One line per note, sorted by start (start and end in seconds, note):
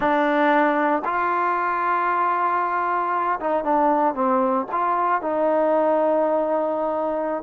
0.00 1.02 D4
1.04 3.39 F4
3.40 3.64 D#4
3.64 4.14 D4
4.14 4.66 C4
4.71 5.21 F4
5.21 7.43 D#4